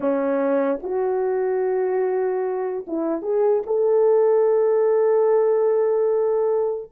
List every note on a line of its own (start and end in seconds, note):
0.00 0.79 C#4
0.82 2.85 F#4
2.87 3.22 E4
3.22 3.62 G#4
3.66 6.90 A4